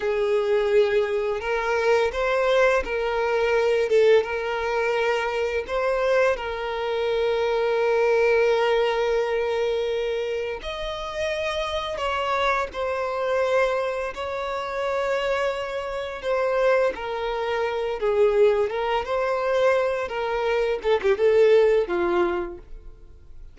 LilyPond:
\new Staff \with { instrumentName = "violin" } { \time 4/4 \tempo 4 = 85 gis'2 ais'4 c''4 | ais'4. a'8 ais'2 | c''4 ais'2.~ | ais'2. dis''4~ |
dis''4 cis''4 c''2 | cis''2. c''4 | ais'4. gis'4 ais'8 c''4~ | c''8 ais'4 a'16 g'16 a'4 f'4 | }